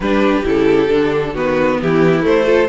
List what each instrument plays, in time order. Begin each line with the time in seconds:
0.00 cello G3, viola D4, violin G4 B4
0.43 cello C#3, viola E4, violin A4
0.88 cello D3, viola D4
1.33 cello D#3, viola B3, violin F#4 B4
1.81 cello E3, violin E4 G4
2.21 viola A3, cello A3, violin C5
2.45 viola F4, violin A4